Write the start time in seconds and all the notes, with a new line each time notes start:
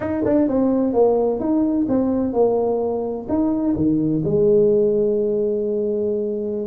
0.00 D#4
0.25 D4
0.48 C4
0.93 A#3
1.40 D#4
1.88 C4
2.33 A#3
3.28 D#4
3.75 D#3
4.24 G#3